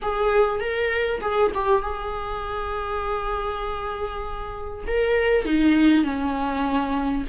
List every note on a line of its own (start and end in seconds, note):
0.02 0.60 G#4
0.60 1.20 A#4
1.21 1.51 G#4
1.54 1.82 G4
1.82 4.85 G#4
4.87 5.45 A#4
5.45 6.03 D#4
6.03 7.24 C#4